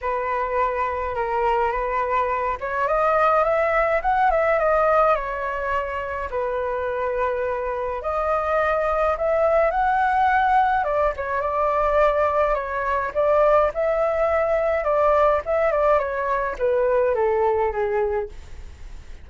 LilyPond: \new Staff \with { instrumentName = "flute" } { \time 4/4 \tempo 4 = 105 b'2 ais'4 b'4~ | b'8 cis''8 dis''4 e''4 fis''8 e''8 | dis''4 cis''2 b'4~ | b'2 dis''2 |
e''4 fis''2 d''8 cis''8 | d''2 cis''4 d''4 | e''2 d''4 e''8 d''8 | cis''4 b'4 a'4 gis'4 | }